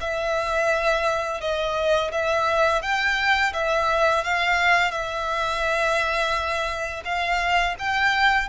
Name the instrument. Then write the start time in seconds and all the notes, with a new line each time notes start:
violin
0.00 E5
1.40 D#5
2.11 E5
2.82 G5
3.53 E5
4.24 F5
4.91 E5
7.04 F5
7.78 G5